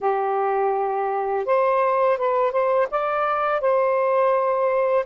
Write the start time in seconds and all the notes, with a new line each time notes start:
0.00 G4
1.45 C5
2.17 B4
2.51 C5
2.90 D5
3.60 C5